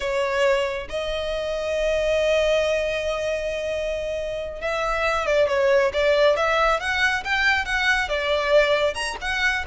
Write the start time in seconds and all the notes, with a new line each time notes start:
0.00 C#5
0.89 D#5
4.61 E5
5.26 D5
5.48 C#5
5.93 D5
6.36 E5
6.80 F#5
7.24 G5
7.65 F#5
8.08 D5
8.94 A#5
9.21 F#5